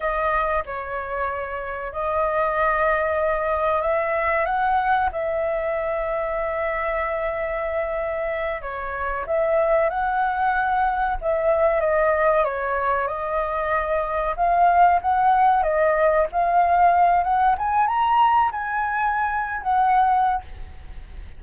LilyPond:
\new Staff \with { instrumentName = "flute" } { \time 4/4 \tempo 4 = 94 dis''4 cis''2 dis''4~ | dis''2 e''4 fis''4 | e''1~ | e''4. cis''4 e''4 fis''8~ |
fis''4. e''4 dis''4 cis''8~ | cis''8 dis''2 f''4 fis''8~ | fis''8 dis''4 f''4. fis''8 gis''8 | ais''4 gis''4.~ gis''16 fis''4~ fis''16 | }